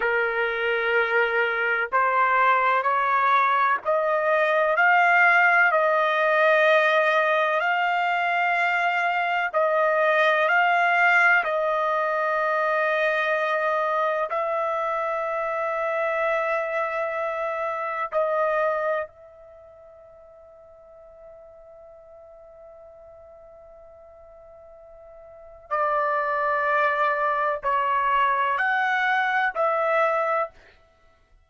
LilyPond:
\new Staff \with { instrumentName = "trumpet" } { \time 4/4 \tempo 4 = 63 ais'2 c''4 cis''4 | dis''4 f''4 dis''2 | f''2 dis''4 f''4 | dis''2. e''4~ |
e''2. dis''4 | e''1~ | e''2. d''4~ | d''4 cis''4 fis''4 e''4 | }